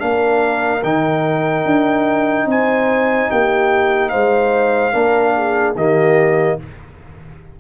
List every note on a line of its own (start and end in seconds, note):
0.00 0.84 A#3
0.00 0.82 D4
0.00 2.48 A#4
0.00 0.83 F5
0.84 1.66 D#3
0.84 4.93 D#4
0.84 2.48 G5
1.66 2.46 D4
2.46 3.28 C4
2.46 3.31 C5
2.46 3.31 G#5
3.31 4.14 A#3
3.31 4.11 G4
3.31 4.10 G5
4.10 4.95 G#3
4.10 4.93 C5
4.10 5.74 F5
4.93 5.76 A#3
4.93 5.75 D4
4.93 5.35 A#4
5.37 5.77 G#4
5.76 6.58 D#3
5.76 6.60 A#3
5.76 6.59 G4
5.76 6.60 D#5